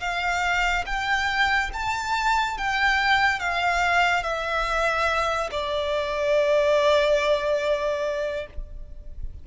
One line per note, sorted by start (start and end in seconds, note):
0.00 0.85 F5
0.86 1.71 G5
1.73 2.57 A5
2.57 3.40 G5
3.40 4.23 F5
4.23 5.50 E5
5.51 8.47 D5